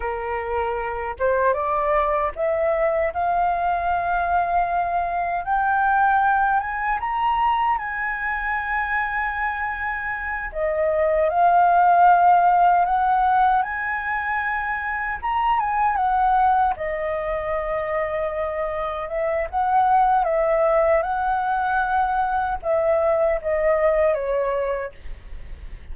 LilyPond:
\new Staff \with { instrumentName = "flute" } { \time 4/4 \tempo 4 = 77 ais'4. c''8 d''4 e''4 | f''2. g''4~ | g''8 gis''8 ais''4 gis''2~ | gis''4. dis''4 f''4.~ |
f''8 fis''4 gis''2 ais''8 | gis''8 fis''4 dis''2~ dis''8~ | dis''8 e''8 fis''4 e''4 fis''4~ | fis''4 e''4 dis''4 cis''4 | }